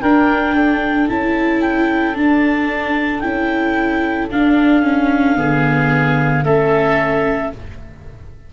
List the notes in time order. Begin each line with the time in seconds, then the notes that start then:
0.00 D4 A#4 G5
0.55 A4
1.08 C#4 E4 A5
1.61 G5
2.14 D4 A5
3.19 C#4 E4 G5
4.30 D4 F5
4.82 C#4
5.35 D3 B3 G#4
6.44 A3 C#4 A4 E5